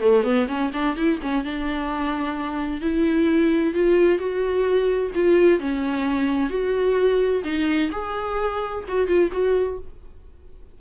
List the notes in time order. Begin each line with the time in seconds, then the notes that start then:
0.00 A3
0.23 B3
0.48 C#4
0.73 D4
0.96 E4
1.22 C#4
1.44 D4
2.81 E4
3.74 F4
4.18 F#4
5.14 F4
5.59 C#4
6.49 F#4
7.44 D#4
7.91 G#4
8.88 F#4
9.07 F4
9.32 F#4